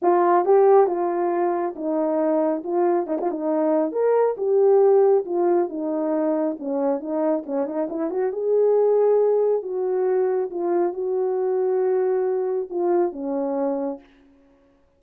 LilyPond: \new Staff \with { instrumentName = "horn" } { \time 4/4 \tempo 4 = 137 f'4 g'4 f'2 | dis'2 f'4 dis'16 f'16 dis'8~ | dis'4 ais'4 g'2 | f'4 dis'2 cis'4 |
dis'4 cis'8 dis'8 e'8 fis'8 gis'4~ | gis'2 fis'2 | f'4 fis'2.~ | fis'4 f'4 cis'2 | }